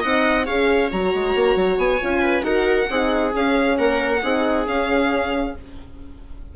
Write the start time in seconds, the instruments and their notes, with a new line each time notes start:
0.00 bassoon C4, horn D#4, viola D#5, violin F#5
0.46 bassoon C#4, horn G#4, viola C#5, violin F5
0.91 bassoon F#3, horn F#4, violin A#5
1.14 bassoon G#3
1.35 bassoon A#3
1.56 bassoon F#3
1.78 bassoon B3, violin G#5
2.01 bassoon C#4, horn F4
2.21 viola B4
2.42 bassoon D#4, horn F#4, viola A#4, violin F#5
2.90 bassoon C4, horn D#4, viola G#4
3.32 horn C#4, bassoon C#4, violin F5
3.78 bassoon A#3, viola A#4, violin F#5
4.23 bassoon C4, horn D#4, viola G#4
4.67 horn C#4, bassoon C#4, violin F5